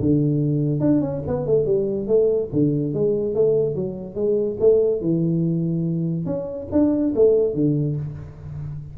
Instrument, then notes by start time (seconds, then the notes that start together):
tuba
0.00 D3
0.80 D4
1.01 C#4
1.27 B3
1.46 A3
1.66 G3
2.08 A3
2.53 D3
2.94 G#3
3.35 A3
3.75 F#3
4.15 G#3
4.60 A3
5.01 E3
6.26 C#4
6.72 D4
7.16 A3
7.54 D3